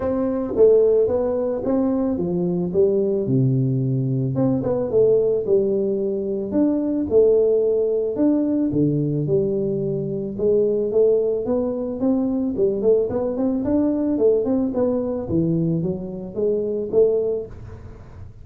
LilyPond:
\new Staff \with { instrumentName = "tuba" } { \time 4/4 \tempo 4 = 110 c'4 a4 b4 c'4 | f4 g4 c2 | c'8 b8 a4 g2 | d'4 a2 d'4 |
d4 g2 gis4 | a4 b4 c'4 g8 a8 | b8 c'8 d'4 a8 c'8 b4 | e4 fis4 gis4 a4 | }